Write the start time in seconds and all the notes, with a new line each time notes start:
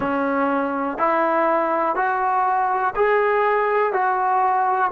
0.00 C#4
0.98 E4
1.95 F#4
2.95 G#4
3.93 F#4